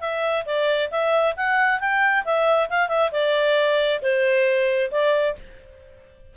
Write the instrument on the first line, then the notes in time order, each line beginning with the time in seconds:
clarinet
0.00 E5
0.45 D5
0.91 E5
1.36 F#5
1.80 G5
2.24 E5
2.69 F5
2.88 E5
3.11 D5
4.02 C5
4.91 D5